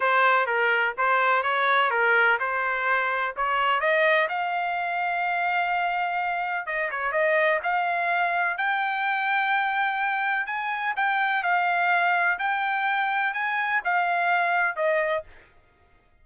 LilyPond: \new Staff \with { instrumentName = "trumpet" } { \time 4/4 \tempo 4 = 126 c''4 ais'4 c''4 cis''4 | ais'4 c''2 cis''4 | dis''4 f''2.~ | f''2 dis''8 cis''8 dis''4 |
f''2 g''2~ | g''2 gis''4 g''4 | f''2 g''2 | gis''4 f''2 dis''4 | }